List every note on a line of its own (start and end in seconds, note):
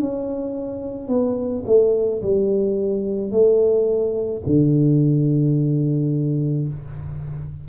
0.00 1.08 C#4
1.08 1.64 B3
1.66 2.22 A3
2.22 3.31 G3
3.31 4.42 A3
4.46 6.69 D3